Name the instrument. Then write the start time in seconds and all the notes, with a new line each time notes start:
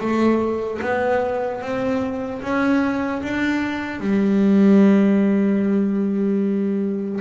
double bass
0.00 A3
0.82 B3
1.61 C4
2.42 C#4
3.23 D4
4.00 G3